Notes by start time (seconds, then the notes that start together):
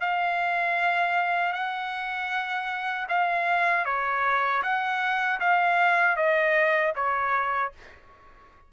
0.00 F5
1.52 F#5
3.08 F5
3.85 C#5
4.62 F#5
5.40 F5
6.16 D#5
6.95 C#5